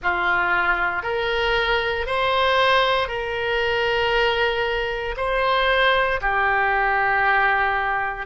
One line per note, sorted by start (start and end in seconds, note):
0.02 1.03 F4
1.03 2.06 A#4
2.06 3.08 C5
3.08 5.14 A#4
5.17 6.20 C5
6.21 8.26 G4